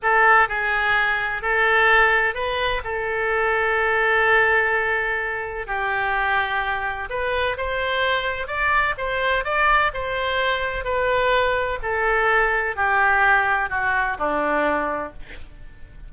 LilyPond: \new Staff \with { instrumentName = "oboe" } { \time 4/4 \tempo 4 = 127 a'4 gis'2 a'4~ | a'4 b'4 a'2~ | a'1 | g'2. b'4 |
c''2 d''4 c''4 | d''4 c''2 b'4~ | b'4 a'2 g'4~ | g'4 fis'4 d'2 | }